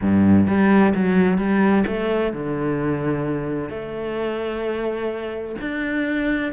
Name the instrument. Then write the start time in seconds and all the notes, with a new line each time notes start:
cello
0.01 G2
0.47 G3
0.94 F#3
1.37 G3
1.86 A3
2.33 D3
3.69 A3
5.60 D4